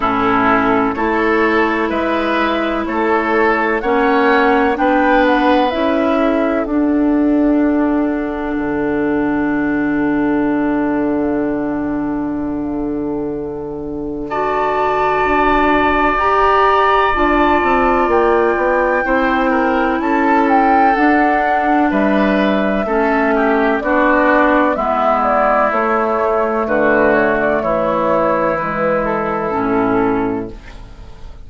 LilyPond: <<
  \new Staff \with { instrumentName = "flute" } { \time 4/4 \tempo 4 = 63 a'4 cis''4 e''4 cis''4 | fis''4 g''8 fis''8 e''4 fis''4~ | fis''1~ | fis''2. a''4~ |
a''4 ais''4 a''4 g''4~ | g''4 a''8 g''8 fis''4 e''4~ | e''4 d''4 e''8 d''8 cis''4 | b'8 cis''16 d''16 cis''4 b'8 a'4. | }
  \new Staff \with { instrumentName = "oboe" } { \time 4/4 e'4 a'4 b'4 a'4 | cis''4 b'4. a'4.~ | a'1~ | a'2. d''4~ |
d''1 | c''8 ais'8 a'2 b'4 | a'8 g'8 fis'4 e'2 | fis'4 e'2. | }
  \new Staff \with { instrumentName = "clarinet" } { \time 4/4 cis'4 e'2. | cis'4 d'4 e'4 d'4~ | d'1~ | d'2. fis'4~ |
fis'4 g'4 f'2 | e'2 d'2 | cis'4 d'4 b4 a4~ | a2 gis4 cis'4 | }
  \new Staff \with { instrumentName = "bassoon" } { \time 4/4 a,4 a4 gis4 a4 | ais4 b4 cis'4 d'4~ | d'4 d2.~ | d1 |
d'4 g'4 d'8 c'8 ais8 b8 | c'4 cis'4 d'4 g4 | a4 b4 gis4 a4 | d4 e2 a,4 | }
>>